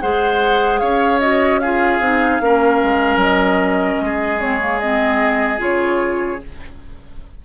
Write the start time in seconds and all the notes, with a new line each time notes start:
0.00 G#3 G#4 C5 F#5
0.79 C#4 C#5 F5
1.19 F#4 D#5
1.59 F4 G#4 F5
1.99 C4 D#4
2.40 A#3 C#4 A#4
2.83 G#3
3.16 F#3 D#5
4.00 G#3 G#4
4.39 C4 C#5
4.59 A#3
4.79 C4 D#5
5.57 C#3 F4 C#5